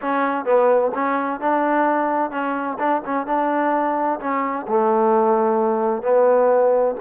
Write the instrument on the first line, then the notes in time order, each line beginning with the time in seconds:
trombone
0.01 C#4
0.45 B3
0.94 C#4
1.40 D4
2.30 C#4
2.78 D4
3.05 C#4
3.26 D4
4.20 C#4
4.67 A3
6.02 B3